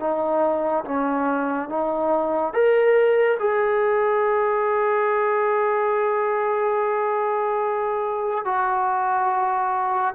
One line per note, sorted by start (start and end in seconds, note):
0.00 0.85 D#4
0.85 1.69 C#4
1.69 2.54 D#4
2.54 3.38 A#4
3.40 8.45 G#4
8.45 10.14 F#4